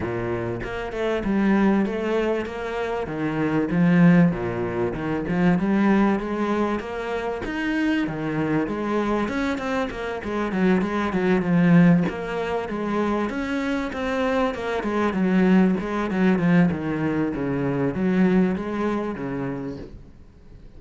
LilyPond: \new Staff \with { instrumentName = "cello" } { \time 4/4 \tempo 4 = 97 ais,4 ais8 a8 g4 a4 | ais4 dis4 f4 ais,4 | dis8 f8 g4 gis4 ais4 | dis'4 dis4 gis4 cis'8 c'8 |
ais8 gis8 fis8 gis8 fis8 f4 ais8~ | ais8 gis4 cis'4 c'4 ais8 | gis8 fis4 gis8 fis8 f8 dis4 | cis4 fis4 gis4 cis4 | }